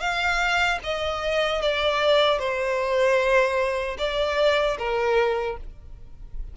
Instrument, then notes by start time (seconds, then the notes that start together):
violin
0.00 F5
0.83 D#5
1.61 D5
2.39 C5
3.98 D5
4.78 A#4